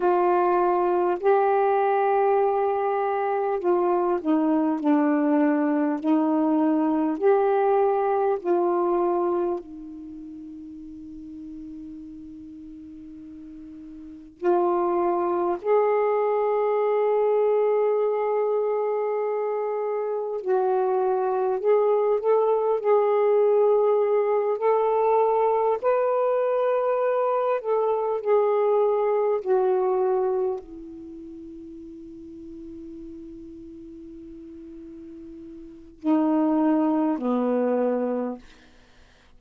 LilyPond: \new Staff \with { instrumentName = "saxophone" } { \time 4/4 \tempo 4 = 50 f'4 g'2 f'8 dis'8 | d'4 dis'4 g'4 f'4 | dis'1 | f'4 gis'2.~ |
gis'4 fis'4 gis'8 a'8 gis'4~ | gis'8 a'4 b'4. a'8 gis'8~ | gis'8 fis'4 e'2~ e'8~ | e'2 dis'4 b4 | }